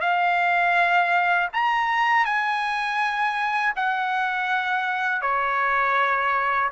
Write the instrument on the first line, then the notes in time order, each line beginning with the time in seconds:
trumpet
0.00 F5
1.53 A#5
2.25 G#5
3.76 F#5
5.22 C#5